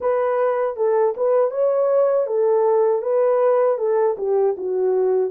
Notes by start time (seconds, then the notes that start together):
0.00 B4
0.76 A4
1.16 B4
1.51 C#5
2.26 A4
3.02 B4
3.78 A4
4.17 G4
4.57 F#4